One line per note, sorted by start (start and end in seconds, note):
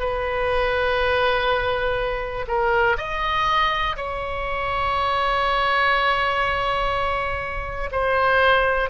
0.00 2.46 B4
2.48 2.97 A#4
2.98 3.96 D#5
3.97 7.90 C#5
7.92 8.90 C5